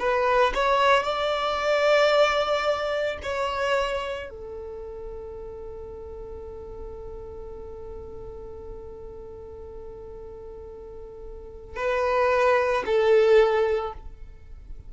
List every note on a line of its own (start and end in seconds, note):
0.00 0.54 B4
0.55 1.04 C#5
1.04 3.19 D5
3.23 4.30 C#5
4.31 11.77 A4
11.77 12.84 B4
12.86 13.93 A4